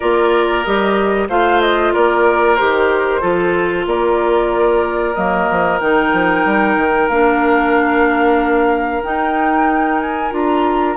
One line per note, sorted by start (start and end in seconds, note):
0.00 0.66 A#3
0.00 0.65 F4
0.00 1.28 A#4
0.00 0.63 D5
0.63 1.28 G3
0.63 1.29 G4
0.63 1.28 D#5
1.28 1.93 A3
1.28 2.58 F4
1.28 1.93 C5
1.28 1.61 F5
1.61 1.93 D#5
1.93 2.60 A#3
1.93 3.21 A#4
1.93 2.55 D5
2.55 3.22 D#3
2.55 3.21 G4
2.55 3.84 C5
3.21 3.86 F3
3.21 5.15 F4
3.21 3.85 A4
3.86 5.15 A#3
3.86 10.96 A#4
3.86 5.14 D5
5.14 5.49 F#3
5.14 5.80 A#3
5.14 5.79 D#5
5.50 5.80 F3
5.80 6.12 D#3
5.80 7.10 D#4
5.80 7.08 G5
6.12 6.45 F3
6.45 6.76 G3
6.76 7.08 D#3
7.08 9.02 A#3
7.08 9.02 D4
7.08 9.02 F5
9.02 10.31 D#4
9.02 10.32 D#4
9.02 9.99 G5
9.99 10.32 G#5
10.31 10.96 D4
10.31 10.95 F4
10.31 10.96 A#5